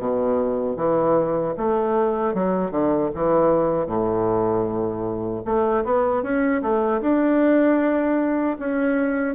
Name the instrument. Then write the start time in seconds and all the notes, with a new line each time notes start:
bassoon
0.00 B2
0.77 E3
1.58 A3
2.34 F#3
2.72 D3
3.15 E3
3.87 A2
5.46 A3
5.85 B3
6.23 C#4
6.62 A3
7.02 D4
8.60 C#4